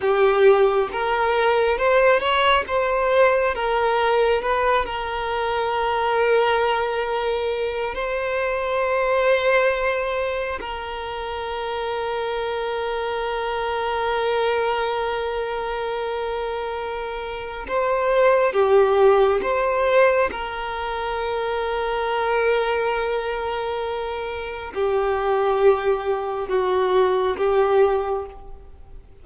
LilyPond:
\new Staff \with { instrumentName = "violin" } { \time 4/4 \tempo 4 = 68 g'4 ais'4 c''8 cis''8 c''4 | ais'4 b'8 ais'2~ ais'8~ | ais'4 c''2. | ais'1~ |
ais'1 | c''4 g'4 c''4 ais'4~ | ais'1 | g'2 fis'4 g'4 | }